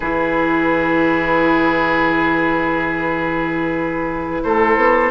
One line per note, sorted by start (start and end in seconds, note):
0.00 4.41 E3
0.00 5.10 E4
0.00 4.41 G#4
0.00 4.43 B4
4.43 4.76 A3
4.43 5.10 A4
4.43 5.10 C5
4.76 5.10 B3